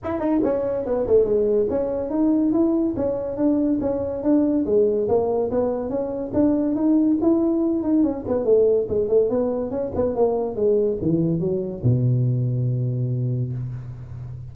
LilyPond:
\new Staff \with { instrumentName = "tuba" } { \time 4/4 \tempo 4 = 142 e'8 dis'8 cis'4 b8 a8 gis4 | cis'4 dis'4 e'4 cis'4 | d'4 cis'4 d'4 gis4 | ais4 b4 cis'4 d'4 |
dis'4 e'4. dis'8 cis'8 b8 | a4 gis8 a8 b4 cis'8 b8 | ais4 gis4 e4 fis4 | b,1 | }